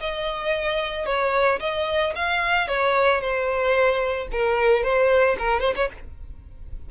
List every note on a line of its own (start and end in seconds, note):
0.00 1.05 D#5
1.05 1.59 C#5
1.59 2.13 D#5
2.15 2.67 F5
2.67 3.20 C#5
3.20 4.28 C5
4.31 4.83 A#4
4.83 5.36 C5
5.38 5.60 A#4
5.60 5.73 C5
5.75 5.89 C#5